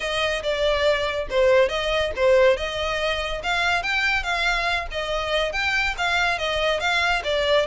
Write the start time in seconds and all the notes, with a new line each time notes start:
0.00 D#5
0.42 D5
1.30 C5
1.68 D#5
2.16 C5
2.56 D#5
3.43 F5
3.82 G5
4.23 F5
4.91 D#5
5.52 G5
5.97 F5
6.38 D#5
6.80 F5
7.24 D5